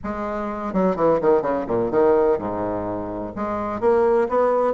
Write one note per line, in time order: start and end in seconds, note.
0.03 0.73 G#3
0.73 0.95 F#3
0.95 1.19 E3
1.21 1.42 D#3
1.42 1.66 C#3
1.66 1.90 A#2
1.90 2.38 D#3
2.38 3.33 G#2
3.35 3.80 G#3
3.80 4.27 A#3
4.29 4.73 B3